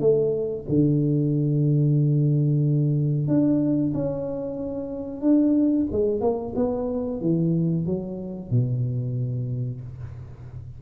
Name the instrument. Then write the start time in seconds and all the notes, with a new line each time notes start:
tuba
0.00 A3
0.68 D3
3.27 D4
3.94 C#4
5.21 D4
5.91 G#3
6.21 A#3
6.55 B3
7.21 E3
7.86 F#3
8.50 B2